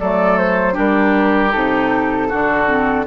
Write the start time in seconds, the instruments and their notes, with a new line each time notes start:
0.00 bassoon F#3, clarinet A3, oboe A4, flute D5
0.38 flute C5
0.73 bassoon G3, clarinet D4, oboe G4, flute A#4
1.52 bassoon C3, clarinet D#4, flute A4
2.29 bassoon D3, clarinet D4, oboe F#4
2.68 clarinet C4